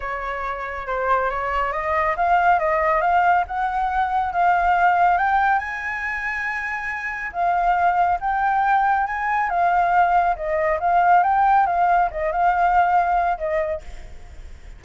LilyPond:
\new Staff \with { instrumentName = "flute" } { \time 4/4 \tempo 4 = 139 cis''2 c''4 cis''4 | dis''4 f''4 dis''4 f''4 | fis''2 f''2 | g''4 gis''2.~ |
gis''4 f''2 g''4~ | g''4 gis''4 f''2 | dis''4 f''4 g''4 f''4 | dis''8 f''2~ f''8 dis''4 | }